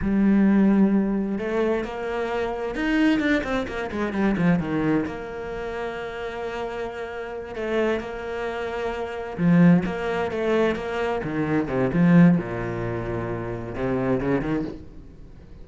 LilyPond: \new Staff \with { instrumentName = "cello" } { \time 4/4 \tempo 4 = 131 g2. a4 | ais2 dis'4 d'8 c'8 | ais8 gis8 g8 f8 dis4 ais4~ | ais1~ |
ais8 a4 ais2~ ais8~ | ais8 f4 ais4 a4 ais8~ | ais8 dis4 c8 f4 ais,4~ | ais,2 c4 cis8 dis8 | }